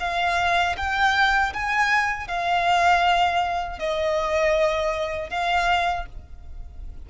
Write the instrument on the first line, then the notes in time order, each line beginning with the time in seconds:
violin
0.00 F5
0.77 G5
1.54 G#5
2.28 F5
3.79 D#5
5.30 F5